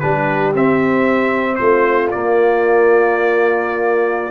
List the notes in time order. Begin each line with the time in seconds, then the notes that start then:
0.00 G3 D4 G4 B4
0.54 C4 E5
1.56 A3 F4 C5
2.11 A#3 D5